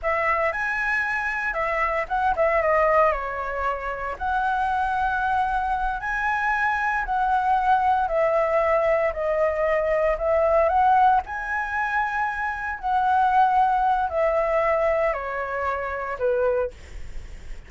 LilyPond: \new Staff \with { instrumentName = "flute" } { \time 4/4 \tempo 4 = 115 e''4 gis''2 e''4 | fis''8 e''8 dis''4 cis''2 | fis''2.~ fis''8 gis''8~ | gis''4. fis''2 e''8~ |
e''4. dis''2 e''8~ | e''8 fis''4 gis''2~ gis''8~ | gis''8 fis''2~ fis''8 e''4~ | e''4 cis''2 b'4 | }